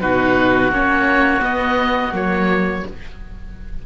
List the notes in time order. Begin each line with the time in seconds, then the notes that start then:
0.00 B2 D#4 F#4 B4
0.70 A#3 C#4 C#5
1.40 B3 D#5
2.12 F#3 A#3 C#5